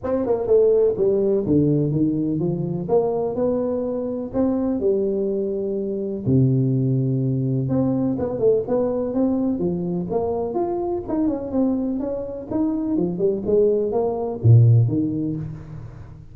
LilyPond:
\new Staff \with { instrumentName = "tuba" } { \time 4/4 \tempo 4 = 125 c'8 ais8 a4 g4 d4 | dis4 f4 ais4 b4~ | b4 c'4 g2~ | g4 c2. |
c'4 b8 a8 b4 c'4 | f4 ais4 f'4 dis'8 cis'8 | c'4 cis'4 dis'4 f8 g8 | gis4 ais4 ais,4 dis4 | }